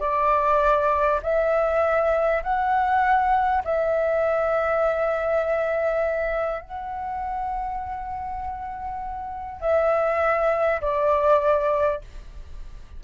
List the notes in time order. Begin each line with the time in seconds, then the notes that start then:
0.00 D5
1.23 E5
2.43 F#5
3.64 E5
6.62 F#5
9.61 E5
10.81 D5